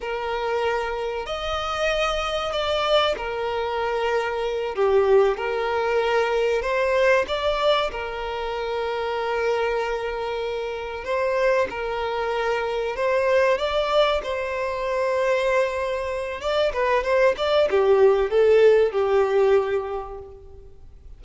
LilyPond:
\new Staff \with { instrumentName = "violin" } { \time 4/4 \tempo 4 = 95 ais'2 dis''2 | d''4 ais'2~ ais'8 g'8~ | g'8 ais'2 c''4 d''8~ | d''8 ais'2.~ ais'8~ |
ais'4. c''4 ais'4.~ | ais'8 c''4 d''4 c''4.~ | c''2 d''8 b'8 c''8 d''8 | g'4 a'4 g'2 | }